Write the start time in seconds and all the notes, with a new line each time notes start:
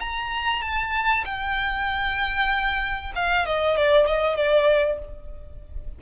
0.00 A#5
0.62 A5
1.25 G5
3.15 F5
3.46 D#5
3.77 D5
4.07 D#5
4.36 D5